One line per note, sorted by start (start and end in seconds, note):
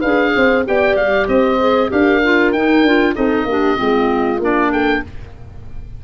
0.00 0.36 D4
0.00 0.66 G#4
0.00 0.31 B4
0.00 0.64 F5
0.36 0.68 C4
0.36 0.67 C5
0.66 0.96 B3
0.66 1.60 G4
0.66 1.28 D5
0.66 0.97 G5
0.96 1.28 G3
0.96 1.28 F5
1.28 1.91 C4
1.28 1.91 C5
1.28 1.91 D#5
1.60 1.90 G#4
1.90 2.54 D4
1.90 2.21 G4
1.90 3.16 A#4
1.90 2.53 F5
2.24 2.56 F4
2.53 2.83 D#4
2.53 2.87 D#4
2.53 3.15 G5
2.83 3.14 D4
2.83 3.15 F4
3.15 3.45 C4
3.15 3.47 D#4
3.15 3.47 A4
3.15 4.41 D#5
3.45 3.76 A#3
3.45 3.76 D4
3.45 3.78 G4
3.76 4.40 G#3
3.76 4.39 C4
3.76 4.72 F4
4.40 5.02 A#3
4.40 5.05 D4
4.40 4.73 D5
4.72 5.03 A4
4.72 5.04 G5